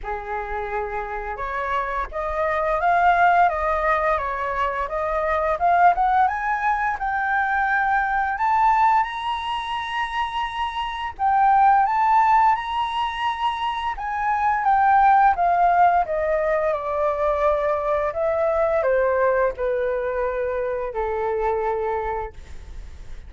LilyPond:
\new Staff \with { instrumentName = "flute" } { \time 4/4 \tempo 4 = 86 gis'2 cis''4 dis''4 | f''4 dis''4 cis''4 dis''4 | f''8 fis''8 gis''4 g''2 | a''4 ais''2. |
g''4 a''4 ais''2 | gis''4 g''4 f''4 dis''4 | d''2 e''4 c''4 | b'2 a'2 | }